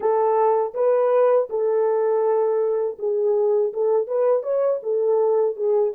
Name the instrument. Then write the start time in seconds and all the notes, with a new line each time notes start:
horn
0.00 A4
0.74 B4
1.49 A4
2.98 G#4
3.73 A4
4.07 B4
4.42 C#5
4.82 A4
5.56 G#4